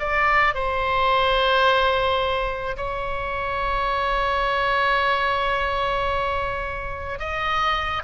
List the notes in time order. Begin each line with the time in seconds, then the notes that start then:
0.00 D5
0.55 C5
2.77 C#5
7.19 D#5